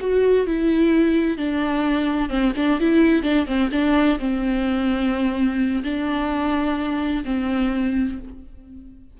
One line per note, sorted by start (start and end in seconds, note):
0.00 0.46 F#4
0.46 1.37 E4
1.37 2.29 D4
2.29 2.52 C4
2.56 2.79 D4
2.80 3.22 E4
3.22 3.46 D4
3.46 3.70 C4
3.72 4.18 D4
4.19 5.83 C4
5.83 7.24 D4
7.24 8.18 C4